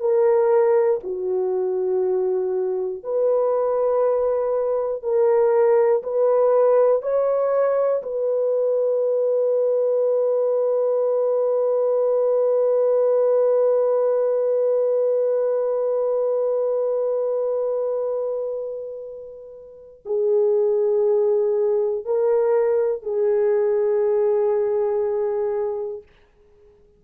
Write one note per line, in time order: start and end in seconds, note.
0.00 1.00 A#4
1.04 3.04 F#4
3.04 5.03 B4
5.03 6.03 A#4
6.03 7.02 B4
7.02 8.02 C#5
8.03 20.03 B4
20.06 22.05 G#4
22.05 23.03 A#4
23.03 26.03 G#4